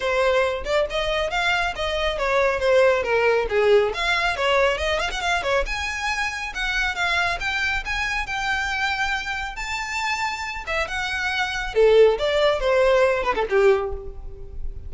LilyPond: \new Staff \with { instrumentName = "violin" } { \time 4/4 \tempo 4 = 138 c''4. d''8 dis''4 f''4 | dis''4 cis''4 c''4 ais'4 | gis'4 f''4 cis''4 dis''8 f''16 fis''16 | f''8 cis''8 gis''2 fis''4 |
f''4 g''4 gis''4 g''4~ | g''2 a''2~ | a''8 e''8 fis''2 a'4 | d''4 c''4. b'16 a'16 g'4 | }